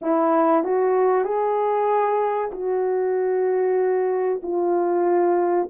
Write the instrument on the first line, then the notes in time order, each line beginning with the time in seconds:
horn
0.01 E4
0.64 F#4
1.24 G#4
2.51 F#4
4.42 F4